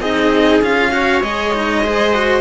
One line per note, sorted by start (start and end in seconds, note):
0.00 0.61 C4
0.00 0.63 D#4
0.00 0.91 G#4
0.00 0.62 D#5
0.62 1.22 C#4
0.62 0.92 F4
0.62 1.22 F5
0.92 1.22 F#4
0.92 1.85 C#5
1.22 2.41 G#3
1.22 1.53 G#4
1.22 2.41 D#5
1.54 1.84 D#4
1.85 2.14 G#4
1.85 2.41 C5
2.14 2.41 F#4